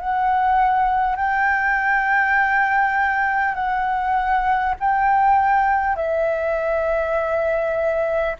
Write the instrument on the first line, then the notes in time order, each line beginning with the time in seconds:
flute
0.00 F#5
1.16 G5
3.55 F#5
4.81 G5
5.96 E5